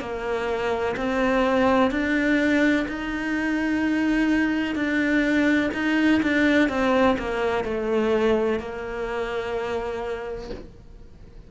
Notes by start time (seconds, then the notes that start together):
0.00 A#3
0.97 C4
1.91 D4
2.88 D#4
4.75 D4
5.74 D#4
6.23 D4
6.69 C4
7.18 A#3
7.64 A3
8.59 A#3